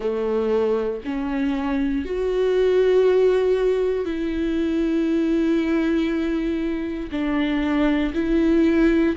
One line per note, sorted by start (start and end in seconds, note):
0.00 1.01 A3
1.04 2.05 C#4
2.05 4.04 F#4
4.04 7.10 E4
7.11 8.13 D4
8.14 9.15 E4